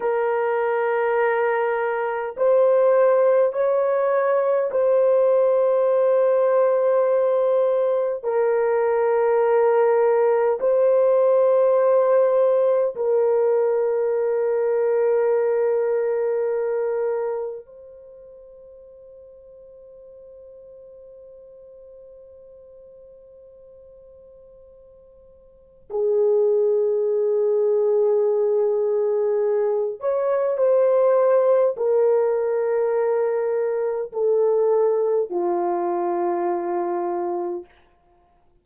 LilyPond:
\new Staff \with { instrumentName = "horn" } { \time 4/4 \tempo 4 = 51 ais'2 c''4 cis''4 | c''2. ais'4~ | ais'4 c''2 ais'4~ | ais'2. c''4~ |
c''1~ | c''2 gis'2~ | gis'4. cis''8 c''4 ais'4~ | ais'4 a'4 f'2 | }